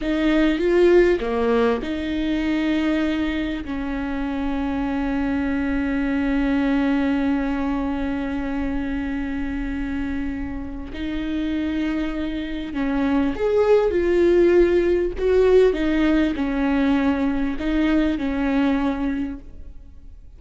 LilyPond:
\new Staff \with { instrumentName = "viola" } { \time 4/4 \tempo 4 = 99 dis'4 f'4 ais4 dis'4~ | dis'2 cis'2~ | cis'1~ | cis'1~ |
cis'2 dis'2~ | dis'4 cis'4 gis'4 f'4~ | f'4 fis'4 dis'4 cis'4~ | cis'4 dis'4 cis'2 | }